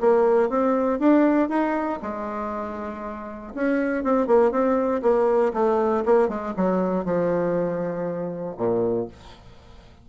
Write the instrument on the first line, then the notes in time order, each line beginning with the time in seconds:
bassoon
0.00 A#3
0.49 C4
0.99 D4
1.49 D#4
2.02 G#3
3.54 C#4
4.03 C4
4.27 A#3
4.51 C4
5.02 A#3
5.53 A3
6.05 A#3
6.28 G#3
6.56 F#3
7.05 F3
8.57 A#2